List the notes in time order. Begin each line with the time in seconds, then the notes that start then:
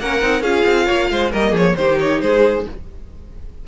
0.00 A#3 C#4 A#4 F#5
0.21 C4 D#4
0.41 C#4 F4 G#4 F5
0.66 C4
0.85 A#3 C#5
1.10 G#3 C5
1.31 G3 A#3 A#4 D#5
1.51 F3 G#4 C#5
1.76 D#3 D#4 G4 C5
2.00 C#5
2.21 G#3 G#4 C5